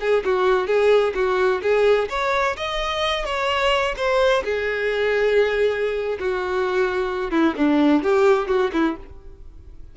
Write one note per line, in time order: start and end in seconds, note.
0.00 0.23 G#4
0.24 0.67 F#4
0.67 1.13 G#4
1.15 1.61 F#4
1.62 2.08 G#4
2.09 2.56 C#5
2.56 3.25 D#5
3.25 3.95 C#5
3.97 4.43 C5
4.44 6.18 G#4
6.19 7.31 F#4
7.31 7.54 E4
7.57 8.03 D4
8.03 8.48 G4
8.48 8.71 F#4
8.73 8.96 E4